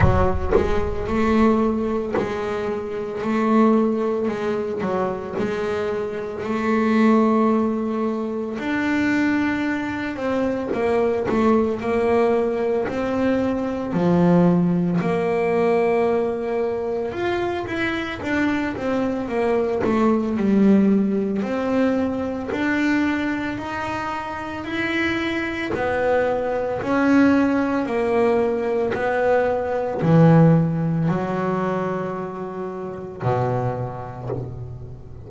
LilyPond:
\new Staff \with { instrumentName = "double bass" } { \time 4/4 \tempo 4 = 56 fis8 gis8 a4 gis4 a4 | gis8 fis8 gis4 a2 | d'4. c'8 ais8 a8 ais4 | c'4 f4 ais2 |
f'8 e'8 d'8 c'8 ais8 a8 g4 | c'4 d'4 dis'4 e'4 | b4 cis'4 ais4 b4 | e4 fis2 b,4 | }